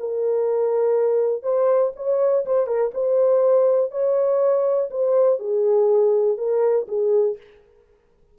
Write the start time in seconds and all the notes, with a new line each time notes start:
0.00 A#4
1.43 C5
1.96 C#5
2.46 C5
2.67 A#4
2.94 C5
3.92 C#5
4.91 C5
5.40 G#4
6.38 A#4
6.89 G#4